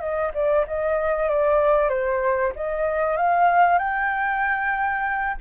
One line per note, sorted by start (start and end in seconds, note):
0.00 0.32 D#5
0.34 0.66 D5
0.67 1.29 D#5
1.29 1.89 D5
1.89 2.52 C5
2.56 3.17 D#5
3.17 3.78 F5
3.78 5.36 G5